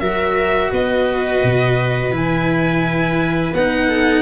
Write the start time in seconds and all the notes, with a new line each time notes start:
0.00 F#3 F#4 A#4 E5
0.71 B3 B4 D#5
1.44 B2
2.11 E3 E4 G#5
3.53 B3 D#4 F#5
3.89 A4